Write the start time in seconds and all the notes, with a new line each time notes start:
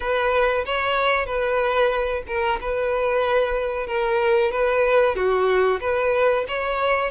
0.00 B4
0.65 C#5
1.26 B4
2.27 A#4
2.60 B4
3.87 A#4
4.51 B4
5.15 F#4
5.80 B4
6.48 C#5